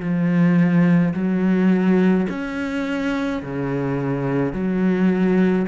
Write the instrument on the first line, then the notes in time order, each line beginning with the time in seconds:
cello
0.00 F3
1.14 F#3
2.29 C#4
3.43 C#3
4.53 F#3